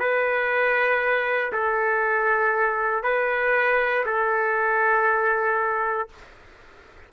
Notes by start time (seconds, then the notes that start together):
0.00 B4
1.53 A4
3.04 B4
4.06 A4